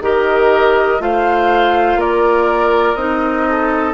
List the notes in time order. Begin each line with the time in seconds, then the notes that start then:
0.00 D#3 G4 A#4 D#5
0.99 A3 F4 C5 F5
1.96 A#3 A#4 D5
2.95 C4 D#4 D#5
3.49 A4